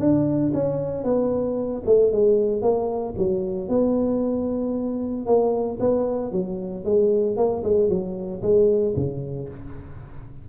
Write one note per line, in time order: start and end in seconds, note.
0.00 0.53 D4
0.55 1.04 C#4
1.04 1.83 B3
1.86 2.12 A3
2.12 2.62 G#3
2.62 3.15 A#3
3.18 3.69 F#3
3.69 5.27 B3
5.27 5.79 A#3
5.80 6.32 B3
6.32 6.85 F#3
6.85 7.37 G#3
7.37 7.63 A#3
7.64 7.90 G#3
7.90 8.42 F#3
8.43 8.95 G#3
8.97 9.49 C#3